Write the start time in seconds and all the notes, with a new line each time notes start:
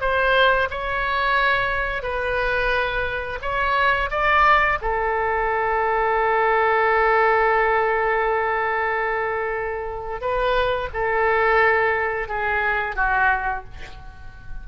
0.00 C5
0.70 C#5
2.02 B4
3.41 C#5
4.10 D5
4.81 A4
10.21 B4
10.93 A4
12.28 G#4
12.95 F#4